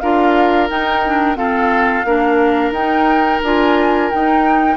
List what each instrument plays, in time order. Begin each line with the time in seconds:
0.00 bassoon D4, clarinet F4, oboe A#4, flute F5
0.69 clarinet D#4, bassoon D#4, flute G5
1.06 clarinet D4
1.36 clarinet C4, bassoon F4, oboe A4, flute F5
2.05 bassoon A#3, clarinet D4, oboe A#4
2.71 bassoon D#4, clarinet D#4, flute G5
3.43 bassoon D4, clarinet F4, flute G#5
4.10 clarinet D#4, bassoon D#4, flute G5